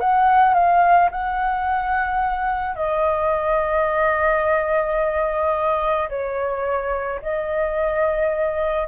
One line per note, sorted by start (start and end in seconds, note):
0.00 0.54 F#5
0.54 1.09 F5
1.11 2.75 F#5
2.75 6.09 D#5
6.09 7.20 C#5
7.22 8.88 D#5